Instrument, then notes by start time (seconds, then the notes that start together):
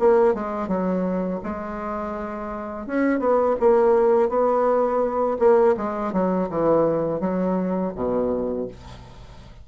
bassoon
0.00 A#3
0.35 G#3
0.68 F#3
1.44 G#3
2.87 C#4
3.20 B3
3.60 A#3
4.29 B3
5.40 A#3
5.78 G#3
6.13 F#3
6.50 E3
7.21 F#3
7.96 B2